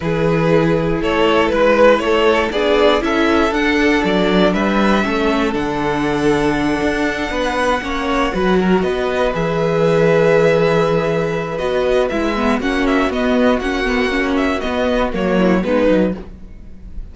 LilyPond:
<<
  \new Staff \with { instrumentName = "violin" } { \time 4/4 \tempo 4 = 119 b'2 cis''4 b'4 | cis''4 d''4 e''4 fis''4 | d''4 e''2 fis''4~ | fis''1~ |
fis''4. dis''4 e''4.~ | e''2. dis''4 | e''4 fis''8 e''8 dis''4 fis''4~ | fis''8 e''8 dis''4 cis''4 b'4 | }
  \new Staff \with { instrumentName = "violin" } { \time 4/4 gis'2 a'4 b'4 | a'4 gis'4 a'2~ | a'4 b'4 a'2~ | a'2~ a'8 b'4 cis''8~ |
cis''8 b'8 ais'8 b'2~ b'8~ | b'1~ | b'4 fis'2.~ | fis'2~ fis'8 e'8 dis'4 | }
  \new Staff \with { instrumentName = "viola" } { \time 4/4 e'1~ | e'4 d'4 e'4 d'4~ | d'2 cis'4 d'4~ | d'2.~ d'8 cis'8~ |
cis'8 fis'2 gis'4.~ | gis'2. fis'4 | e'8 b8 cis'4 b4 cis'8 b8 | cis'4 b4 ais4 b8 dis'8 | }
  \new Staff \with { instrumentName = "cello" } { \time 4/4 e2 a4 gis4 | a4 b4 cis'4 d'4 | fis4 g4 a4 d4~ | d4. d'4 b4 ais8~ |
ais8 fis4 b4 e4.~ | e2. b4 | gis4 ais4 b4 ais4~ | ais4 b4 fis4 gis8 fis8 | }
>>